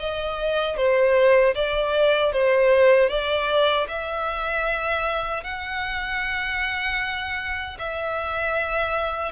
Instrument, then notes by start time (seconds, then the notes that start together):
violin
0.00 D#5
0.77 C5
1.55 D5
2.32 C5
3.10 D5
3.88 E5
5.44 F#5
7.79 E5